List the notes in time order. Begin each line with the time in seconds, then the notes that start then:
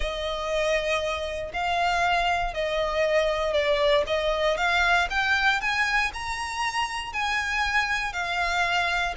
0.00 D#5
1.53 F5
2.54 D#5
3.53 D5
4.07 D#5
4.57 F5
5.10 G5
5.60 G#5
6.13 A#5
7.13 G#5
8.12 F5